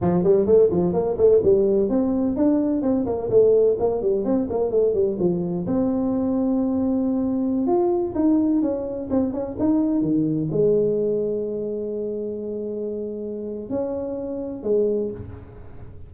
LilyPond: \new Staff \with { instrumentName = "tuba" } { \time 4/4 \tempo 4 = 127 f8 g8 a8 f8 ais8 a8 g4 | c'4 d'4 c'8 ais8 a4 | ais8 g8 c'8 ais8 a8 g8 f4 | c'1~ |
c'16 f'4 dis'4 cis'4 c'8 cis'16~ | cis'16 dis'4 dis4 gis4.~ gis16~ | gis1~ | gis4 cis'2 gis4 | }